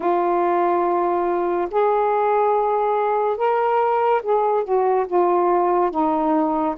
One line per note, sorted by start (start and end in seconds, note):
0.00 1.68 F4
1.70 3.36 G#4
3.36 4.21 A#4
4.23 4.64 G#4
4.64 5.06 F#4
5.07 5.90 F4
5.90 6.75 D#4